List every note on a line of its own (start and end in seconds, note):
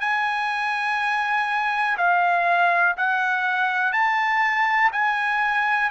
0.00 1.97 G#5
1.97 2.96 F5
2.97 3.93 F#5
3.93 4.91 A5
4.92 5.90 G#5